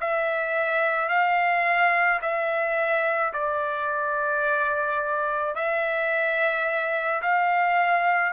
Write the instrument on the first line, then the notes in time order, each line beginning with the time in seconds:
trumpet
0.00 E5
1.09 F5
2.21 E5
3.33 D5
5.55 E5
7.22 F5